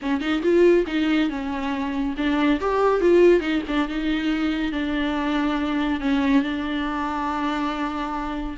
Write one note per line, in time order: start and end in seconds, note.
0.02 0.20 C#4
0.20 0.42 D#4
0.42 0.85 F4
0.86 1.29 D#4
1.29 2.15 C#4
2.17 2.60 D4
2.60 3.00 G4
3.00 3.40 F4
3.40 3.61 D#4
3.67 3.88 D4
3.88 4.71 D#4
4.71 6.00 D4
6.00 6.42 C#4
6.42 8.57 D4